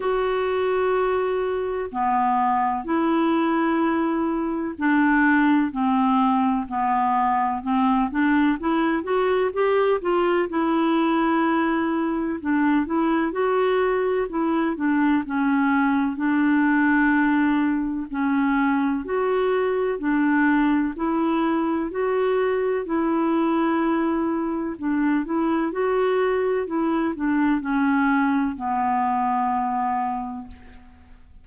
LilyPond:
\new Staff \with { instrumentName = "clarinet" } { \time 4/4 \tempo 4 = 63 fis'2 b4 e'4~ | e'4 d'4 c'4 b4 | c'8 d'8 e'8 fis'8 g'8 f'8 e'4~ | e'4 d'8 e'8 fis'4 e'8 d'8 |
cis'4 d'2 cis'4 | fis'4 d'4 e'4 fis'4 | e'2 d'8 e'8 fis'4 | e'8 d'8 cis'4 b2 | }